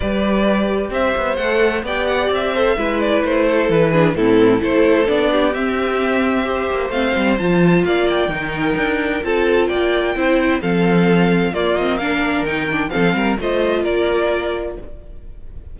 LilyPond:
<<
  \new Staff \with { instrumentName = "violin" } { \time 4/4 \tempo 4 = 130 d''2 e''4 fis''4 | g''8 fis''8 e''4. d''8 c''4 | b'4 a'4 c''4 d''4 | e''2. f''4 |
a''4 f''8 g''2~ g''8 | a''4 g''2 f''4~ | f''4 d''8 dis''8 f''4 g''4 | f''4 dis''4 d''2 | }
  \new Staff \with { instrumentName = "violin" } { \time 4/4 b'2 c''2 | d''4. c''8 b'4. a'8~ | a'8 gis'8 e'4 a'4. g'8~ | g'2 c''2~ |
c''4 d''4 ais'2 | a'4 d''4 c''4 a'4~ | a'4 f'4 ais'2 | a'8 ais'8 c''4 ais'2 | }
  \new Staff \with { instrumentName = "viola" } { \time 4/4 g'2. a'4 | g'4. a'8 e'2~ | e'8 d'8 c'4 e'4 d'4 | c'2 g'4 c'4 |
f'2 dis'2 | f'2 e'4 c'4~ | c'4 ais8 c'8 d'4 dis'8 d'8 | c'4 f'2. | }
  \new Staff \with { instrumentName = "cello" } { \time 4/4 g2 c'8 b8 a4 | b4 c'4 gis4 a4 | e4 a,4 a4 b4 | c'2~ c'8 ais8 a8 g8 |
f4 ais4 dis4 d'4 | c'4 ais4 c'4 f4~ | f4 ais2 dis4 | f8 g8 a4 ais2 | }
>>